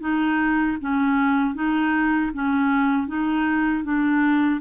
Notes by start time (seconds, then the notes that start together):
0.00 D#4
0.80 C#4
1.54 D#4
2.33 C#4
3.07 D#4
3.83 D4